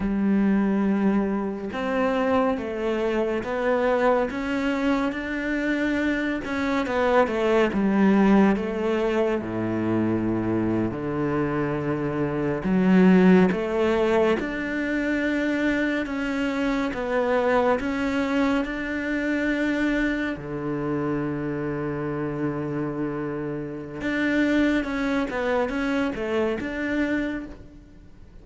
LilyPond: \new Staff \with { instrumentName = "cello" } { \time 4/4 \tempo 4 = 70 g2 c'4 a4 | b4 cis'4 d'4. cis'8 | b8 a8 g4 a4 a,4~ | a,8. d2 fis4 a16~ |
a8. d'2 cis'4 b16~ | b8. cis'4 d'2 d16~ | d1 | d'4 cis'8 b8 cis'8 a8 d'4 | }